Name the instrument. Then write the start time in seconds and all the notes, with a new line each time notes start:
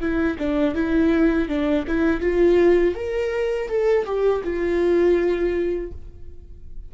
viola
0.00 E4
0.38 D4
0.75 E4
1.48 D4
1.87 E4
2.21 F4
2.95 A#4
3.69 A4
4.05 G4
4.43 F4